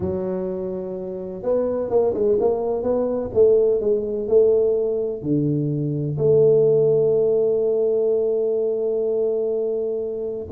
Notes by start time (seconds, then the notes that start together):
0.00 F#3
1.43 B3
1.89 A#3
2.14 G#3
2.40 A#3
2.82 B3
3.34 A3
3.80 G#3
4.28 A3
5.22 D3
6.18 A3